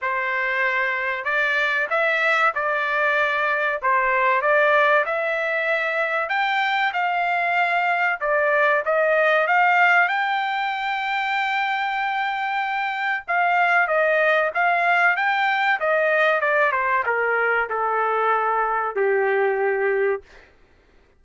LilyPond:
\new Staff \with { instrumentName = "trumpet" } { \time 4/4 \tempo 4 = 95 c''2 d''4 e''4 | d''2 c''4 d''4 | e''2 g''4 f''4~ | f''4 d''4 dis''4 f''4 |
g''1~ | g''4 f''4 dis''4 f''4 | g''4 dis''4 d''8 c''8 ais'4 | a'2 g'2 | }